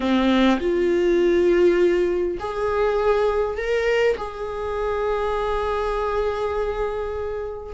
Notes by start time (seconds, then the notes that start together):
0.00 C4
0.59 F4
2.39 G#4
3.57 A#4
4.17 G#4